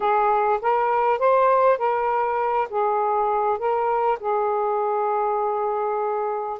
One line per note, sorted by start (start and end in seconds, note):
0.00 0.59 G#4
0.61 1.18 A#4
1.18 1.78 C5
1.78 2.68 A#4
2.70 3.58 G#4
3.58 4.18 A#4
4.19 6.59 G#4